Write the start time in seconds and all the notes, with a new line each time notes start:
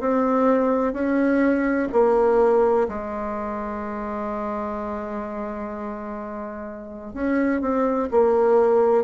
0.00 C4
0.93 C#4
1.92 A#3
2.88 G#3
7.13 C#4
7.61 C4
8.11 A#3